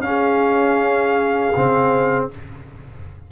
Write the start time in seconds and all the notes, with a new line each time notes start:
0.00 C#4 F5
0.07 G#4
1.56 C#3 C4